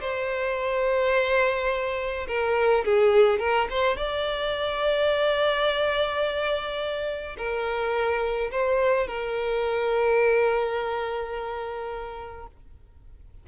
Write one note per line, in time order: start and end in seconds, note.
0.00 2.26 C5
2.27 2.84 A#4
2.85 3.39 G#4
3.39 3.67 A#4
3.70 3.96 C5
3.96 7.36 D5
7.37 8.51 A#4
8.51 9.07 C5
9.07 12.47 A#4